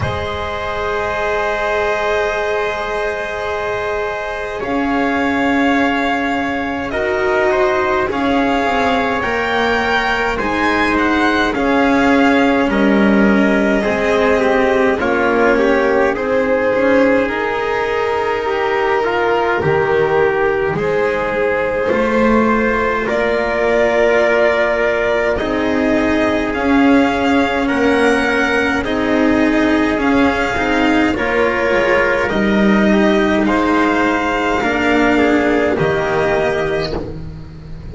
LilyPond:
<<
  \new Staff \with { instrumentName = "violin" } { \time 4/4 \tempo 4 = 52 dis''1 | f''2 dis''4 f''4 | g''4 gis''8 fis''8 f''4 dis''4~ | dis''4 cis''4 c''4 ais'4~ |
ais'2 c''2 | d''2 dis''4 f''4 | fis''4 dis''4 f''4 cis''4 | dis''4 f''2 dis''4 | }
  \new Staff \with { instrumentName = "trumpet" } { \time 4/4 c''1 | cis''2 ais'8 c''8 cis''4~ | cis''4 c''4 gis'4 ais'4 | gis'8 g'8 f'8 g'8 gis'2 |
g'8 f'8 g'4 gis'4 c''4 | ais'2 gis'2 | ais'4 gis'2 ais'4~ | ais'8 g'8 c''4 ais'8 gis'8 g'4 | }
  \new Staff \with { instrumentName = "cello" } { \time 4/4 gis'1~ | gis'2 fis'4 gis'4 | ais'4 dis'4 cis'2 | c'4 cis'4 dis'2~ |
dis'2. f'4~ | f'2 dis'4 cis'4~ | cis'4 dis'4 cis'8 dis'8 f'4 | dis'2 d'4 ais4 | }
  \new Staff \with { instrumentName = "double bass" } { \time 4/4 gis1 | cis'2 dis'4 cis'8 c'8 | ais4 gis4 cis'4 g4 | gis4 ais4 c'8 cis'8 dis'4~ |
dis'4 dis4 gis4 a4 | ais2 c'4 cis'4 | ais4 c'4 cis'8 c'8 ais8 gis8 | g4 gis4 ais4 dis4 | }
>>